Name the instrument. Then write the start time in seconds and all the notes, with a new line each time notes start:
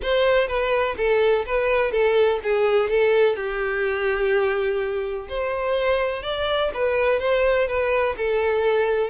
violin
0.02 C5
0.47 B4
0.97 A4
1.46 B4
1.91 A4
2.43 G#4
2.89 A4
3.36 G4
5.28 C5
6.22 D5
6.74 B4
7.19 C5
7.67 B4
8.17 A4